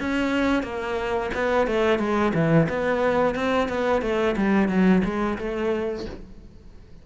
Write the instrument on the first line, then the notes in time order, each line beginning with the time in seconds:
cello
0.00 C#4
0.63 A#3
1.35 B3
1.67 A3
1.99 G#3
2.34 E3
2.69 B3
3.35 C4
3.69 B3
4.02 A3
4.37 G3
4.69 F#3
5.04 G#3
5.38 A3